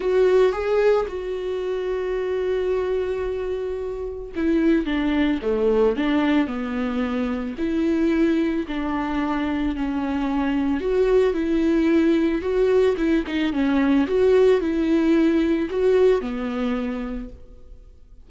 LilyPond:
\new Staff \with { instrumentName = "viola" } { \time 4/4 \tempo 4 = 111 fis'4 gis'4 fis'2~ | fis'1 | e'4 d'4 a4 d'4 | b2 e'2 |
d'2 cis'2 | fis'4 e'2 fis'4 | e'8 dis'8 cis'4 fis'4 e'4~ | e'4 fis'4 b2 | }